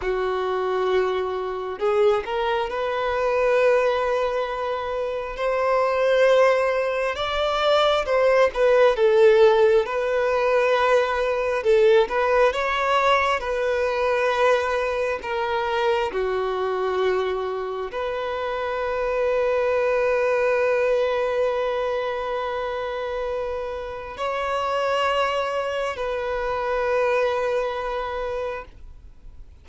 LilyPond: \new Staff \with { instrumentName = "violin" } { \time 4/4 \tempo 4 = 67 fis'2 gis'8 ais'8 b'4~ | b'2 c''2 | d''4 c''8 b'8 a'4 b'4~ | b'4 a'8 b'8 cis''4 b'4~ |
b'4 ais'4 fis'2 | b'1~ | b'2. cis''4~ | cis''4 b'2. | }